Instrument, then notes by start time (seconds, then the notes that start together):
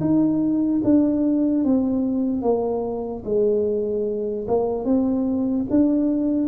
tuba
0.00 D#4
0.84 D4
1.64 C4
2.42 A#3
3.25 G#3
4.47 A#3
4.85 C4
5.70 D4